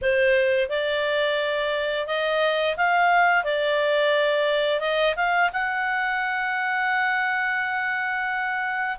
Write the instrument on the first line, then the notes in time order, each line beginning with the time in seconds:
clarinet
0.01 C5
0.69 D5
2.07 D#5
2.76 F5
3.44 D5
4.80 D#5
5.16 F5
5.52 F#5